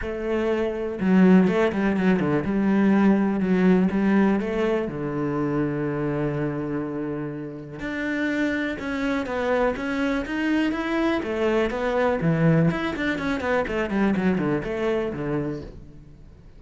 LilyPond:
\new Staff \with { instrumentName = "cello" } { \time 4/4 \tempo 4 = 123 a2 fis4 a8 g8 | fis8 d8 g2 fis4 | g4 a4 d2~ | d1 |
d'2 cis'4 b4 | cis'4 dis'4 e'4 a4 | b4 e4 e'8 d'8 cis'8 b8 | a8 g8 fis8 d8 a4 d4 | }